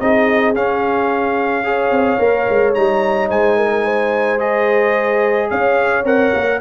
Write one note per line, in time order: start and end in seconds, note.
0.00 0.55 C4
0.00 0.55 D#4
0.00 1.66 G#4
0.00 0.55 D#5
0.55 1.91 C#4
0.55 1.64 C#4
0.55 2.74 F5
1.64 2.19 G#4
1.64 3.30 C#5
1.91 2.19 C4
2.19 2.47 A#3
2.19 2.74 A#4
2.50 2.76 G#3
2.74 3.30 G3
2.74 4.38 D#4
2.74 3.29 A#5
3.30 5.50 G#3
3.30 3.57 C5
3.30 4.40 G#5
3.57 3.84 A#4
3.84 5.49 C5
4.38 6.03 G#4
4.38 5.50 D#5
5.50 6.04 C#4
5.50 6.61 C#5
5.50 6.06 F5
6.04 6.32 C4
6.04 6.60 A#4
6.04 6.61 F#5
6.34 6.61 A#3